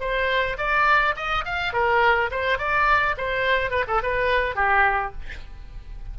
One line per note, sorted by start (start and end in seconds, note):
0.00 0.57 C5
0.58 1.15 D5
1.16 1.45 D#5
1.45 1.73 F5
1.73 2.30 A#4
2.31 2.58 C5
2.58 3.15 D5
3.17 3.70 C5
3.70 3.85 B4
3.87 4.02 A4
4.02 4.55 B4
4.55 5.12 G4